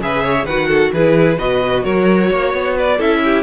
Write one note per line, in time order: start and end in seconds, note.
0.00 0.45 C#3
0.00 0.48 G#4
0.00 0.23 B4
0.00 0.46 E5
0.23 0.46 C#5
0.45 0.91 D#3
0.45 0.96 F#4
0.45 0.68 B4
0.45 0.93 F#5
0.68 0.92 A4
0.93 1.39 E3
0.93 1.38 E4
0.93 1.38 G#4
0.93 1.39 B4
1.38 1.85 B2
1.38 2.99 F#4
1.38 1.84 B4
1.38 1.84 D#5
1.84 2.31 F#3
1.84 2.30 A#4
1.84 2.77 C#5
2.31 2.54 A#3
2.31 2.77 C#5
2.54 3.00 B3
2.77 2.97 B4
2.77 3.01 D5
2.97 3.44 C#4
2.97 3.44 E4
2.97 3.21 A4
2.97 3.44 E5
3.24 3.44 G4